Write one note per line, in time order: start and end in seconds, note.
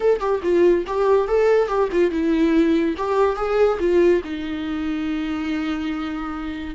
0.00 0.19 A4
0.19 0.41 G4
0.42 0.85 F4
0.86 1.28 G4
1.28 1.67 A4
1.67 1.89 G4
1.91 2.10 F4
2.10 2.95 E4
2.97 3.36 G4
3.36 3.78 G#4
3.79 4.22 F4
4.24 6.75 D#4